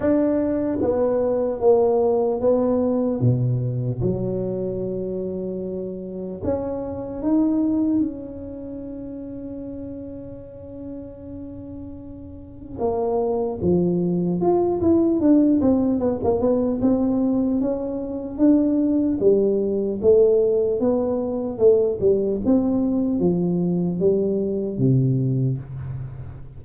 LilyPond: \new Staff \with { instrumentName = "tuba" } { \time 4/4 \tempo 4 = 75 d'4 b4 ais4 b4 | b,4 fis2. | cis'4 dis'4 cis'2~ | cis'1 |
ais4 f4 f'8 e'8 d'8 c'8 | b16 ais16 b8 c'4 cis'4 d'4 | g4 a4 b4 a8 g8 | c'4 f4 g4 c4 | }